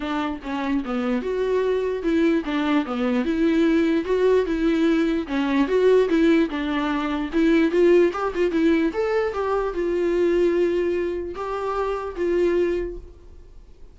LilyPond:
\new Staff \with { instrumentName = "viola" } { \time 4/4 \tempo 4 = 148 d'4 cis'4 b4 fis'4~ | fis'4 e'4 d'4 b4 | e'2 fis'4 e'4~ | e'4 cis'4 fis'4 e'4 |
d'2 e'4 f'4 | g'8 f'8 e'4 a'4 g'4 | f'1 | g'2 f'2 | }